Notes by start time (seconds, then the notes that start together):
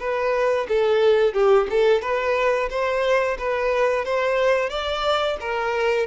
0.00 B4
0.69 A4
1.34 G4
1.71 A4
2.02 B4
2.70 C5
3.39 B4
4.05 C5
4.70 D5
5.41 A#4